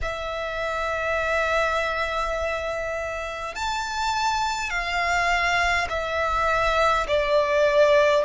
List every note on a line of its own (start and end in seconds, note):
0.02 3.55 E5
3.55 4.70 A5
4.70 5.87 F5
5.89 7.06 E5
7.07 8.24 D5